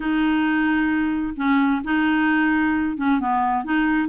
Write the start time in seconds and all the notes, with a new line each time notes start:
0.00 D#4
1.36 C#4
1.84 D#4
2.97 C#4
3.20 B3
3.64 D#4